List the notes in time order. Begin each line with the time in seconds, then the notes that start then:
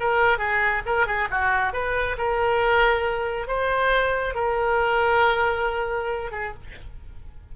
0.00 A#4
0.38 G#4
0.86 A#4
1.07 G#4
1.31 F#4
1.73 B4
2.18 A#4
3.47 C5
4.35 A#4
6.31 G#4